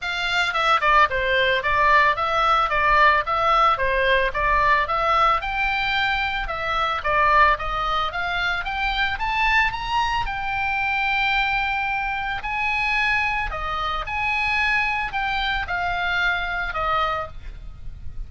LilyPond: \new Staff \with { instrumentName = "oboe" } { \time 4/4 \tempo 4 = 111 f''4 e''8 d''8 c''4 d''4 | e''4 d''4 e''4 c''4 | d''4 e''4 g''2 | e''4 d''4 dis''4 f''4 |
g''4 a''4 ais''4 g''4~ | g''2. gis''4~ | gis''4 dis''4 gis''2 | g''4 f''2 dis''4 | }